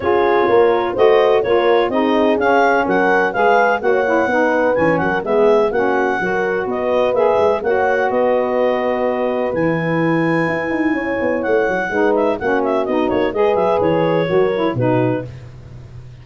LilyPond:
<<
  \new Staff \with { instrumentName = "clarinet" } { \time 4/4 \tempo 4 = 126 cis''2 dis''4 cis''4 | dis''4 f''4 fis''4 f''4 | fis''2 gis''8 fis''8 e''4 | fis''2 dis''4 e''4 |
fis''4 dis''2. | gis''1 | fis''4. e''8 fis''8 e''8 dis''8 cis''8 | dis''8 e''8 cis''2 b'4 | }
  \new Staff \with { instrumentName = "horn" } { \time 4/4 gis'4 ais'4 c''4 ais'4 | gis'2 ais'4 b'4 | cis''4 b'4. ais'8 gis'4 | fis'4 ais'4 b'2 |
cis''4 b'2.~ | b'2. cis''4~ | cis''4 b'4 fis'2 | b'2 ais'4 fis'4 | }
  \new Staff \with { instrumentName = "saxophone" } { \time 4/4 f'2 fis'4 f'4 | dis'4 cis'2 gis'4 | fis'8 e'8 dis'4 cis'4 b4 | cis'4 fis'2 gis'4 |
fis'1 | e'1~ | e'4 dis'4 cis'4 dis'4 | gis'2 fis'8 e'8 dis'4 | }
  \new Staff \with { instrumentName = "tuba" } { \time 4/4 cis'4 ais4 a4 ais4 | c'4 cis'4 fis4 gis4 | ais4 b4 e8 fis8 gis4 | ais4 fis4 b4 ais8 gis8 |
ais4 b2. | e2 e'8 dis'8 cis'8 b8 | a8 fis8 gis4 ais4 b8 ais8 | gis8 fis8 e4 fis4 b,4 | }
>>